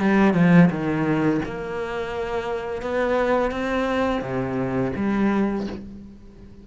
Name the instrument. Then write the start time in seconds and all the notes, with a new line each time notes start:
cello
0.00 G3
0.34 F3
0.70 D#3
1.45 A#3
2.82 B3
3.51 C4
4.21 C3
4.96 G3